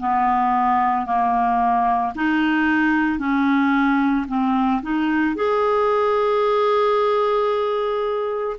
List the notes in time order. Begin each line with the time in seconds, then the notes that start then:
0.00 B3
1.06 A#3
2.15 D#4
3.19 C#4
4.28 C4
4.82 D#4
5.35 G#4